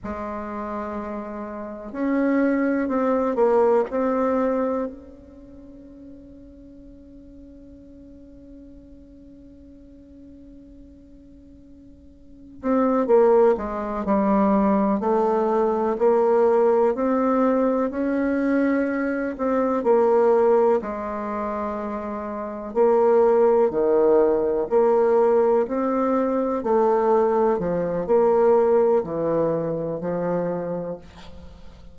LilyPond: \new Staff \with { instrumentName = "bassoon" } { \time 4/4 \tempo 4 = 62 gis2 cis'4 c'8 ais8 | c'4 cis'2.~ | cis'1~ | cis'4 c'8 ais8 gis8 g4 a8~ |
a8 ais4 c'4 cis'4. | c'8 ais4 gis2 ais8~ | ais8 dis4 ais4 c'4 a8~ | a8 f8 ais4 e4 f4 | }